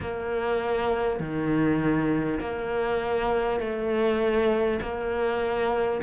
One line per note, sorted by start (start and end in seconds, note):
0.01 1.19 A#3
1.19 2.39 D#3
2.40 3.60 A#3
3.60 4.80 A3
4.81 6.01 A#3